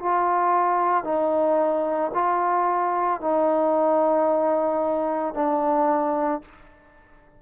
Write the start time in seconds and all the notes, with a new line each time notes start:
0.00 F4
1.05 D#4
2.15 F4
3.21 D#4
5.35 D4